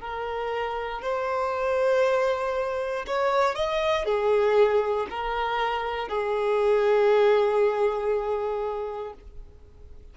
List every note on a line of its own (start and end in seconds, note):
0.00 1.02 A#4
1.02 3.05 C5
3.06 3.55 C#5
3.55 4.05 D#5
4.05 5.07 G#4
5.10 6.08 A#4
6.08 9.13 G#4